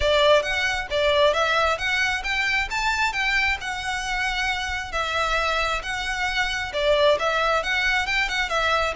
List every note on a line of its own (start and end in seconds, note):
0.00 0.42 D5
0.42 0.87 F#5
0.90 1.33 D5
1.33 1.77 E5
1.77 2.22 F#5
2.23 2.68 G5
2.70 3.12 A5
3.12 3.57 G5
3.60 4.92 F#5
4.92 5.81 E5
5.82 6.72 F#5
6.73 7.18 D5
7.19 7.63 E5
7.63 8.06 F#5
8.06 8.28 G5
8.28 8.49 F#5
8.49 8.93 E5